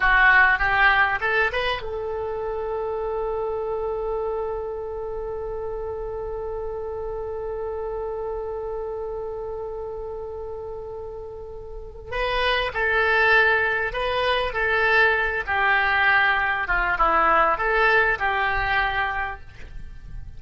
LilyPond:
\new Staff \with { instrumentName = "oboe" } { \time 4/4 \tempo 4 = 99 fis'4 g'4 a'8 b'8 a'4~ | a'1~ | a'1~ | a'1~ |
a'1 | b'4 a'2 b'4 | a'4. g'2 f'8 | e'4 a'4 g'2 | }